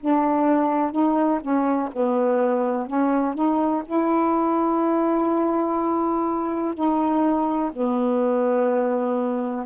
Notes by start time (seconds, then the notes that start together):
0.00 D4
0.91 D#4
1.41 C#4
1.92 B3
2.86 C#4
3.34 D#4
3.85 E4
6.74 D#4
7.72 B3